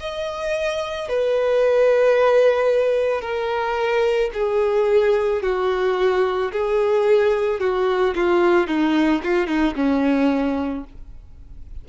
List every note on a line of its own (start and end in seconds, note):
0.00 1.09 D#5
1.09 3.21 B4
3.21 4.30 A#4
4.33 5.42 G#4
5.42 6.52 F#4
6.52 7.60 G#4
7.60 8.15 F#4
8.15 8.67 F4
8.67 9.22 D#4
9.23 9.47 F4
9.47 9.74 D#4
9.75 10.84 C#4